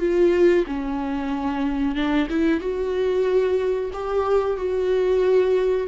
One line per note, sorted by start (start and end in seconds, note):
0.00 0.65 F4
0.67 1.96 C#4
1.96 2.28 D4
2.30 2.61 E4
2.61 3.91 F#4
3.93 4.57 G4
4.57 5.88 F#4